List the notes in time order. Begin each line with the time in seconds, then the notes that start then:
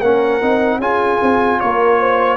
0.00 A#3 C#4 A#4 F#5
0.42 C4 D#4
0.79 C#4 F4 G#4 G#5
1.22 C4
1.60 A#3 A#4 C#5
2.00 C5